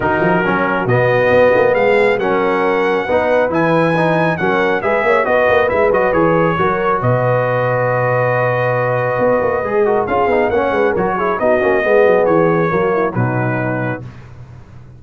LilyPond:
<<
  \new Staff \with { instrumentName = "trumpet" } { \time 4/4 \tempo 4 = 137 ais'2 dis''2 | f''4 fis''2. | gis''2 fis''4 e''4 | dis''4 e''8 dis''8 cis''2 |
dis''1~ | dis''2. f''4 | fis''4 cis''4 dis''2 | cis''2 b'2 | }
  \new Staff \with { instrumentName = "horn" } { \time 4/4 fis'1 | gis'4 ais'2 b'4~ | b'2 ais'4 b'8 cis''8 | b'2. ais'4 |
b'1~ | b'2~ b'8 ais'8 gis'4 | cis''8 b'8 ais'8 gis'8 fis'4 gis'4~ | gis'4 fis'8 e'8 dis'2 | }
  \new Staff \with { instrumentName = "trombone" } { \time 4/4 dis'4 cis'4 b2~ | b4 cis'2 dis'4 | e'4 dis'4 cis'4 gis'4 | fis'4 e'8 fis'8 gis'4 fis'4~ |
fis'1~ | fis'2 gis'8 fis'8 f'8 dis'8 | cis'4 fis'8 e'8 dis'8 cis'8 b4~ | b4 ais4 fis2 | }
  \new Staff \with { instrumentName = "tuba" } { \time 4/4 dis8 f8 fis4 b,4 b8 ais8 | gis4 fis2 b4 | e2 fis4 gis8 ais8 | b8 ais8 gis8 fis8 e4 fis4 |
b,1~ | b,4 b8 ais8 gis4 cis'8 b8 | ais8 gis8 fis4 b8 ais8 gis8 fis8 | e4 fis4 b,2 | }
>>